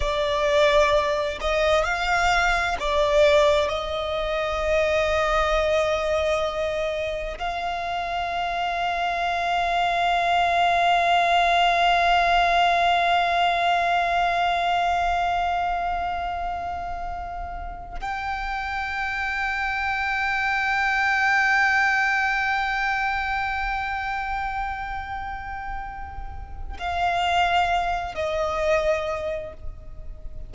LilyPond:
\new Staff \with { instrumentName = "violin" } { \time 4/4 \tempo 4 = 65 d''4. dis''8 f''4 d''4 | dis''1 | f''1~ | f''1~ |
f''2.~ f''8 g''8~ | g''1~ | g''1~ | g''4 f''4. dis''4. | }